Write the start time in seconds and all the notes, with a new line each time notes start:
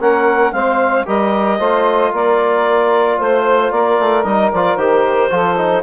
0.00 A#3 C#4 A#4 F#5
0.52 G#3 C4 C5 F5
1.05 G3 G4 A#4 D#5
1.58 A3 F4 C5
2.12 A#3 A#4 D5
3.17 A3 C5
3.71 A#3 A#4 D5
3.99 A3
4.23 G3 D#4 D#5
4.52 F3 F4 D5
4.76 D#3 G4 C5
5.29 F3 F4 A4
5.57 D#4